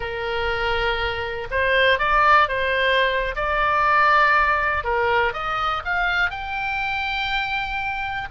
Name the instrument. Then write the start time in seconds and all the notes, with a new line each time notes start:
oboe
0.00 A#4
1.51 C5
1.98 D5
2.48 C5
3.35 D5
4.84 A#4
5.33 D#5
5.84 F5
6.30 G5